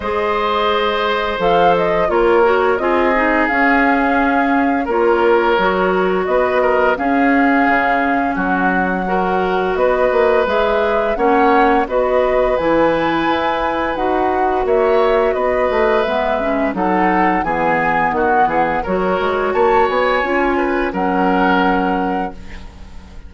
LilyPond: <<
  \new Staff \with { instrumentName = "flute" } { \time 4/4 \tempo 4 = 86 dis''2 f''8 dis''8 cis''4 | dis''4 f''2 cis''4~ | cis''4 dis''4 f''2 | fis''2 dis''4 e''4 |
fis''4 dis''4 gis''2 | fis''4 e''4 dis''4 e''4 | fis''4 gis''4 fis''4 cis''4 | a''8 gis''4. fis''2 | }
  \new Staff \with { instrumentName = "oboe" } { \time 4/4 c''2. ais'4 | gis'2. ais'4~ | ais'4 b'8 ais'8 gis'2 | fis'4 ais'4 b'2 |
cis''4 b'2.~ | b'4 cis''4 b'2 | a'4 gis'4 fis'8 gis'8 ais'4 | cis''4. b'8 ais'2 | }
  \new Staff \with { instrumentName = "clarinet" } { \time 4/4 gis'2 a'4 f'8 fis'8 | f'8 dis'8 cis'2 f'4 | fis'2 cis'2~ | cis'4 fis'2 gis'4 |
cis'4 fis'4 e'2 | fis'2. b8 cis'8 | dis'4 b2 fis'4~ | fis'4 f'4 cis'2 | }
  \new Staff \with { instrumentName = "bassoon" } { \time 4/4 gis2 f4 ais4 | c'4 cis'2 ais4 | fis4 b4 cis'4 cis4 | fis2 b8 ais8 gis4 |
ais4 b4 e4 e'4 | dis'4 ais4 b8 a8 gis4 | fis4 e4 dis8 e8 fis8 gis8 | ais8 b8 cis'4 fis2 | }
>>